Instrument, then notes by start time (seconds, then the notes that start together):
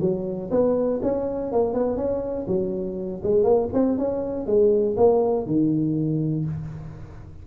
tuba
0.00 F#3
0.51 B3
1.02 C#4
1.52 A#3
1.73 B3
1.96 C#4
2.47 F#3
3.23 G#3
3.43 A#3
3.73 C4
3.98 C#4
4.46 G#3
4.97 A#3
5.46 D#3